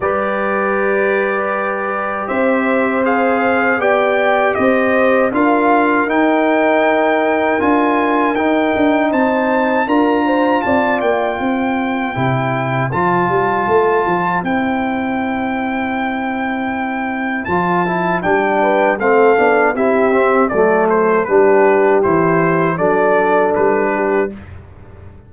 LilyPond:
<<
  \new Staff \with { instrumentName = "trumpet" } { \time 4/4 \tempo 4 = 79 d''2. e''4 | f''4 g''4 dis''4 f''4 | g''2 gis''4 g''4 | a''4 ais''4 a''8 g''4.~ |
g''4 a''2 g''4~ | g''2. a''4 | g''4 f''4 e''4 d''8 c''8 | b'4 c''4 d''4 b'4 | }
  \new Staff \with { instrumentName = "horn" } { \time 4/4 b'2. c''4~ | c''4 d''4 c''4 ais'4~ | ais'1 | c''4 ais'8 c''8 d''4 c''4~ |
c''1~ | c''1~ | c''8 b'8 a'4 g'4 a'4 | g'2 a'4. g'8 | }
  \new Staff \with { instrumentName = "trombone" } { \time 4/4 g'1 | gis'4 g'2 f'4 | dis'2 f'4 dis'4~ | dis'4 f'2. |
e'4 f'2 e'4~ | e'2. f'8 e'8 | d'4 c'8 d'8 e'8 c'8 a4 | d'4 e'4 d'2 | }
  \new Staff \with { instrumentName = "tuba" } { \time 4/4 g2. c'4~ | c'4 b4 c'4 d'4 | dis'2 d'4 dis'8 d'8 | c'4 d'4 c'8 ais8 c'4 |
c4 f8 g8 a8 f8 c'4~ | c'2. f4 | g4 a8 b8 c'4 fis4 | g4 e4 fis4 g4 | }
>>